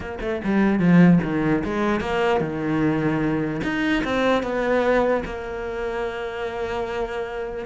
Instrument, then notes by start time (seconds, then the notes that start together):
cello
0.00 A#3
0.21 A3
0.44 G3
0.79 F3
1.23 D#3
1.64 G#3
2.00 A#3
2.40 D#3
3.63 D#4
4.04 C4
4.42 B3
5.25 A#3